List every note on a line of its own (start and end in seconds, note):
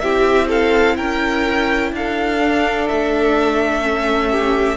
0.00 0.99 C4
0.00 2.39 E4
0.00 0.49 G4
0.00 0.48 E5
0.49 0.96 A4
0.49 0.97 F5
0.97 1.93 C#4
0.97 1.92 A#4
0.97 1.92 G5
1.93 2.88 D4
1.93 4.31 A4
1.93 2.89 F5
2.39 3.82 D4
2.89 4.78 A3
2.89 4.78 E5
3.82 4.77 C#4
4.31 4.78 G4